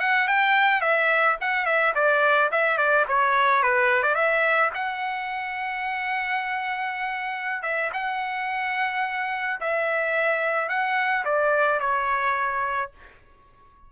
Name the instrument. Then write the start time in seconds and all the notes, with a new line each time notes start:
trumpet
0.00 F#5
0.28 G5
0.81 E5
1.41 F#5
1.66 E5
1.95 D5
2.52 E5
2.78 D5
3.08 C#5
3.63 B4
4.03 D5
4.15 E5
4.74 F#5
7.62 E5
7.93 F#5
9.60 E5
10.69 F#5
11.25 D5
11.80 C#5